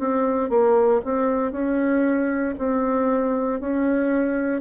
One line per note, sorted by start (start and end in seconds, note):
0.00 0.50 C4
0.50 1.02 A#3
1.05 1.52 C4
1.52 2.55 C#4
2.59 3.61 C4
3.61 4.61 C#4